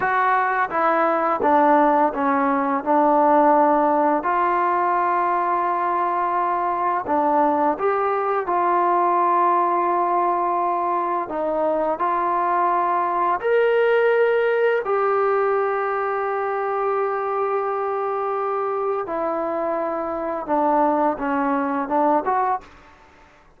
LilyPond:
\new Staff \with { instrumentName = "trombone" } { \time 4/4 \tempo 4 = 85 fis'4 e'4 d'4 cis'4 | d'2 f'2~ | f'2 d'4 g'4 | f'1 |
dis'4 f'2 ais'4~ | ais'4 g'2.~ | g'2. e'4~ | e'4 d'4 cis'4 d'8 fis'8 | }